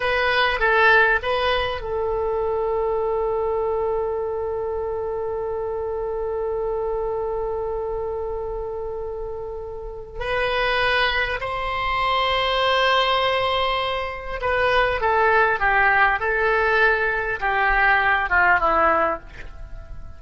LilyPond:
\new Staff \with { instrumentName = "oboe" } { \time 4/4 \tempo 4 = 100 b'4 a'4 b'4 a'4~ | a'1~ | a'1~ | a'1~ |
a'4 b'2 c''4~ | c''1 | b'4 a'4 g'4 a'4~ | a'4 g'4. f'8 e'4 | }